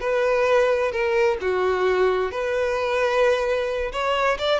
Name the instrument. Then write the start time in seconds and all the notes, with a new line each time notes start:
violin
0.00 B4
0.92 A#4
1.41 F#4
2.32 B4
3.92 C#5
4.39 D5